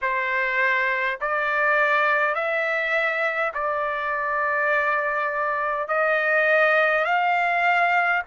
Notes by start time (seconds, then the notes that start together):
0.01 C5
1.20 D5
2.34 E5
3.53 D5
5.88 D#5
7.04 F5